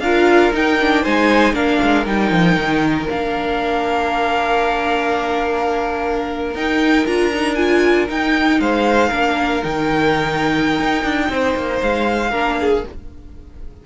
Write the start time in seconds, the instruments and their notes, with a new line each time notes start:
0.00 cello D4, viola F4, violin A#4 F5
0.53 viola D#4, cello D#4, violin G5
0.80 viola D4
1.03 cello G#3, viola D#4, violin C5 G#5
1.53 cello A#3, viola D4, violin A#4 F5
1.82 cello G#3
2.05 cello G3, viola D#4, violin G5
2.31 cello F3
2.56 cello D#3
3.09 cello A#3, viola D4, violin F5
6.54 cello D#4, viola D#4, violin G5
7.06 cello D4, viola F4, violin A#5
7.34 viola D#4
7.55 viola F4, violin G#5
8.08 viola D#4, cello D#4, violin G5
8.60 cello G#3, violin C5 F5
9.09 cello A#3, viola D4, violin A#4
9.62 cello D#3, viola D#4, violin G5
10.80 cello D#4
11.04 cello D4
11.29 cello C4, violin C5
11.56 cello A#3
11.82 cello G#3, violin F5
12.31 cello A#3, viola D4, violin A#4
12.61 violin G#4